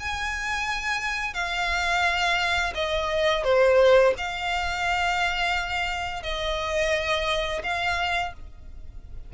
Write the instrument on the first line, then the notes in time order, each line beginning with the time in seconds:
violin
0.00 G#5
1.34 F5
2.75 D#5
3.44 C5
4.18 F5
6.23 D#5
7.64 F5